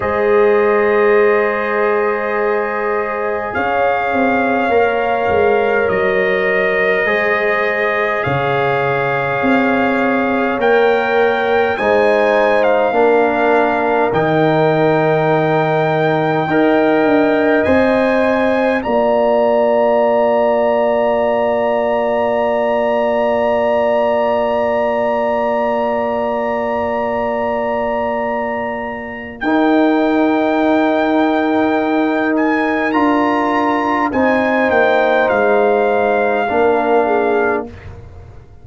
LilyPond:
<<
  \new Staff \with { instrumentName = "trumpet" } { \time 4/4 \tempo 4 = 51 dis''2. f''4~ | f''4 dis''2 f''4~ | f''4 g''4 gis''8. f''4~ f''16 | g''2. gis''4 |
ais''1~ | ais''1~ | ais''4 g''2~ g''8 gis''8 | ais''4 gis''8 g''8 f''2 | }
  \new Staff \with { instrumentName = "horn" } { \time 4/4 c''2. cis''4~ | cis''2 c''4 cis''4~ | cis''2 c''4 ais'4~ | ais'2 dis''2 |
d''1~ | d''1~ | d''4 ais'2.~ | ais'4 c''2 ais'8 gis'8 | }
  \new Staff \with { instrumentName = "trombone" } { \time 4/4 gis'1 | ais'2 gis'2~ | gis'4 ais'4 dis'4 d'4 | dis'2 ais'4 c''4 |
f'1~ | f'1~ | f'4 dis'2. | f'4 dis'2 d'4 | }
  \new Staff \with { instrumentName = "tuba" } { \time 4/4 gis2. cis'8 c'8 | ais8 gis8 fis4 gis4 cis4 | c'4 ais4 gis4 ais4 | dis2 dis'8 d'8 c'4 |
ais1~ | ais1~ | ais4 dis'2. | d'4 c'8 ais8 gis4 ais4 | }
>>